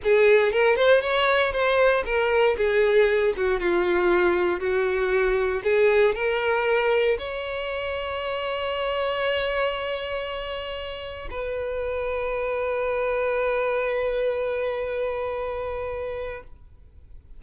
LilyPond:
\new Staff \with { instrumentName = "violin" } { \time 4/4 \tempo 4 = 117 gis'4 ais'8 c''8 cis''4 c''4 | ais'4 gis'4. fis'8 f'4~ | f'4 fis'2 gis'4 | ais'2 cis''2~ |
cis''1~ | cis''2 b'2~ | b'1~ | b'1 | }